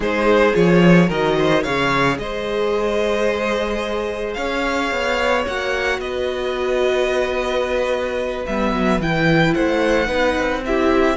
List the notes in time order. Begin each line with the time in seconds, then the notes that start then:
0.00 G#3 D#4 G#4 C5
0.53 F3 F4 C#5
1.08 D#3 F#4 A#4 D#5
1.38 C5
1.63 C#3 G#4 C#5 F5
2.18 G#3 C5 D#5
4.33 C#4 C#5 F5
4.91 B3
5.46 A#3 F#4 F#5
5.98 B3 B4 D#5
8.46 G3 B3 E5
8.72 F#3
8.99 E3 E4 G5
9.54 A3 C5 F#5
10.06 B3 D#4 B4
10.38 C4
10.65 E4 G4 E5